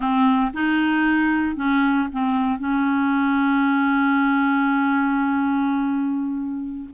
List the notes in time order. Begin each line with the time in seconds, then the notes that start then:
0.00 C4
0.53 D#4
1.56 C#4
2.12 C4
2.58 C#4